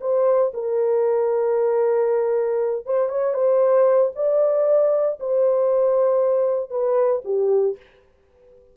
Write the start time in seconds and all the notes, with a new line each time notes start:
0.00 C5
0.53 A#4
2.85 C5
3.09 C#5
3.33 C5
4.15 D5
5.19 C5
6.70 B4
7.24 G4